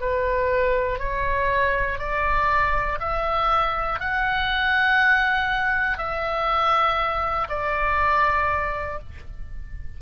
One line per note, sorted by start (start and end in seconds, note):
0.00 1.00 B4
1.00 1.99 C#5
1.99 2.99 D5
3.00 4.00 E5
4.00 5.98 F#5
5.98 7.48 E5
7.49 8.99 D5